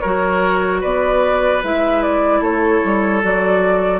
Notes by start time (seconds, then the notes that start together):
0.00 F#3 F#4 A#4 C#5
0.80 B3 B4 D5
1.62 G#3 E4 E5
2.02 D5
2.41 A3 A4 C#5
2.84 G3
3.22 F#3 F#4 D5